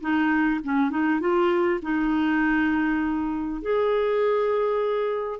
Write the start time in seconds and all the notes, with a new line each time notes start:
0.00 D#4
0.63 C#4
0.90 D#4
1.20 F4
1.82 D#4
3.61 G#4